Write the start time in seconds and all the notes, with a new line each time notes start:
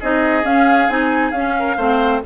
0.00 C4 D#4 G#4 D#5
0.44 C#4 F5
0.89 C4 D#4 G#5
1.31 C#4 F5
1.60 A#4
1.77 A3 C4 C5